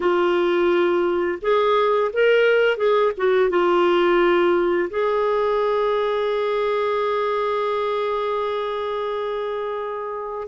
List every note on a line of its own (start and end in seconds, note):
0.00 1.38 F4
1.41 2.11 G#4
2.13 2.77 A#4
2.77 3.12 G#4
3.17 3.49 F#4
3.49 4.89 F4
4.90 10.48 G#4